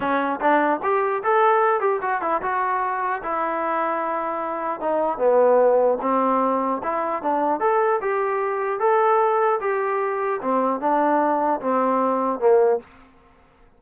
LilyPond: \new Staff \with { instrumentName = "trombone" } { \time 4/4 \tempo 4 = 150 cis'4 d'4 g'4 a'4~ | a'8 g'8 fis'8 e'8 fis'2 | e'1 | dis'4 b2 c'4~ |
c'4 e'4 d'4 a'4 | g'2 a'2 | g'2 c'4 d'4~ | d'4 c'2 ais4 | }